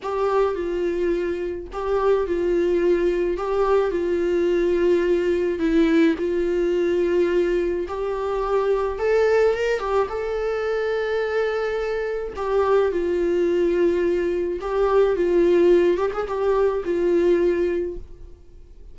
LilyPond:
\new Staff \with { instrumentName = "viola" } { \time 4/4 \tempo 4 = 107 g'4 f'2 g'4 | f'2 g'4 f'4~ | f'2 e'4 f'4~ | f'2 g'2 |
a'4 ais'8 g'8 a'2~ | a'2 g'4 f'4~ | f'2 g'4 f'4~ | f'8 g'16 gis'16 g'4 f'2 | }